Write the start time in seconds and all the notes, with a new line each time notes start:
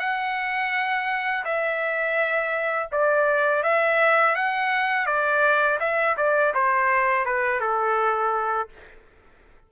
0.00 F#5
1.45 E5
2.92 D5
3.63 E5
4.36 F#5
5.07 D5
5.80 E5
6.18 D5
6.55 C5
7.26 B4
7.61 A4